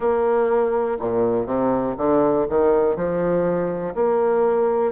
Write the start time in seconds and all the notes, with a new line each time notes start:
0.00 A#3
0.99 A#2
1.45 C3
1.97 D3
2.49 D#3
2.96 F3
3.94 A#3